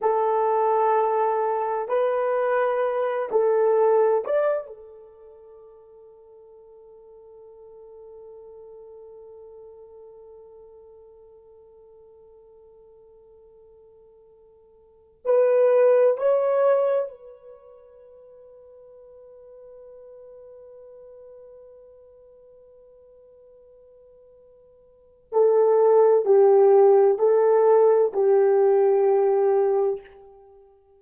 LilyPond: \new Staff \with { instrumentName = "horn" } { \time 4/4 \tempo 4 = 64 a'2 b'4. a'8~ | a'8 d''8 a'2.~ | a'1~ | a'1~ |
a'16 b'4 cis''4 b'4.~ b'16~ | b'1~ | b'2. a'4 | g'4 a'4 g'2 | }